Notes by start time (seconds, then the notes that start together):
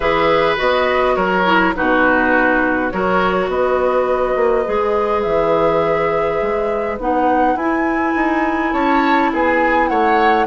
0.00 E3 G#4 B4 E5
0.56 B3 F#4 D#5
1.15 F#3 A#4 C#5
1.45 E4
1.75 B2 D#4 F#4 B4
2.90 F#3 F#4 A#4 C#5
3.47 B3 B4 D#5
4.35 A#3
4.65 G#3 G#4
5.22 E3 E5
6.41 G#3
6.98 B3 D#4 F#5
7.54 E4 G#5
8.15 D#4
8.72 C#4 C#5 A5
9.33 B3 G#4 G#5
9.87 A3 C#5 F#5